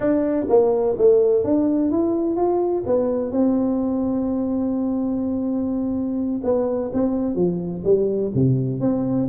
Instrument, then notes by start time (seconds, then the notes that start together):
tuba
0.00 D4
0.49 A#3
0.98 A3
1.44 D4
1.91 E4
2.36 F4
2.86 B3
3.31 C4
6.43 B3
6.93 C4
7.35 F3
7.84 G3
8.34 C3
8.80 C4